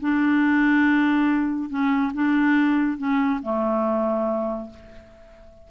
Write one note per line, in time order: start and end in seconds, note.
0.00 1.69 D4
1.69 2.12 C#4
2.13 2.97 D4
2.97 3.40 C#4
3.42 4.70 A3